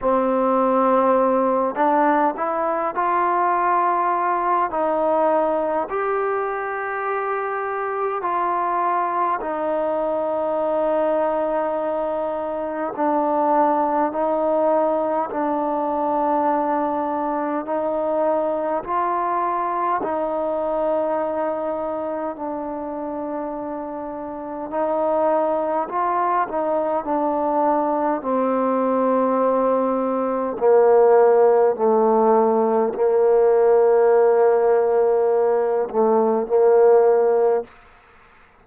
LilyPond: \new Staff \with { instrumentName = "trombone" } { \time 4/4 \tempo 4 = 51 c'4. d'8 e'8 f'4. | dis'4 g'2 f'4 | dis'2. d'4 | dis'4 d'2 dis'4 |
f'4 dis'2 d'4~ | d'4 dis'4 f'8 dis'8 d'4 | c'2 ais4 a4 | ais2~ ais8 a8 ais4 | }